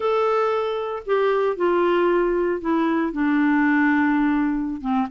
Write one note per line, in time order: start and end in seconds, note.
0.00 1.02 A4
1.06 1.56 G4
1.56 2.60 F4
2.60 3.12 E4
3.12 4.81 D4
4.81 5.07 C4